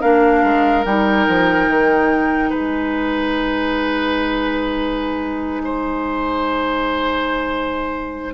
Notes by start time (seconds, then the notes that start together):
0.00 A#3 D4 A#4 F5
0.43 G#3
0.85 G3 D#4 G5
1.28 F3
1.68 D#3
2.49 G#3 B4 G#5
5.64 C5